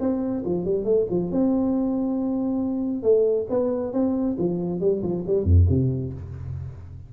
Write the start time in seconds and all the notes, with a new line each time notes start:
0.00 C4
0.45 F3
0.65 G3
0.85 A3
1.10 F3
1.31 C4
3.03 A3
3.50 B3
3.93 C4
4.38 F3
4.81 G3
5.03 F3
5.27 G3
5.44 F2
5.69 C3